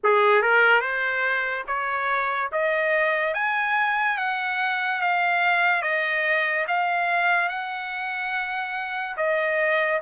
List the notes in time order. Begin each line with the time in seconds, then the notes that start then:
0.03 G#4
0.42 A#4
0.80 C5
1.67 C#5
2.52 D#5
3.34 G#5
4.17 F#5
5.01 F5
5.82 D#5
6.67 F5
7.48 F#5
9.17 D#5